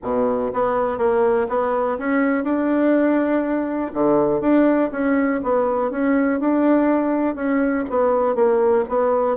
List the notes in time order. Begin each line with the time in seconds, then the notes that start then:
0.02 B2
0.53 B3
0.97 A#3
1.48 B3
1.98 C#4
2.44 D4
3.93 D3
4.40 D4
4.91 C#4
5.43 B3
5.90 C#4
6.40 D4
7.35 C#4
7.89 B3
8.35 A#3
8.88 B3